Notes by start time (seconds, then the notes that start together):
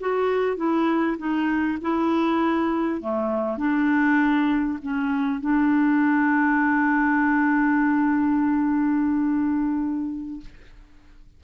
0.00 F#4
0.56 E4
1.17 D#4
1.81 E4
3.01 A3
3.57 D4
4.82 C#4
5.40 D4